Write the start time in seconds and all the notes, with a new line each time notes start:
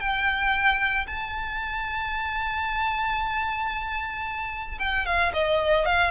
0.00 G5
1.07 A5
4.79 G5
5.06 F5
5.33 D#5
5.86 F5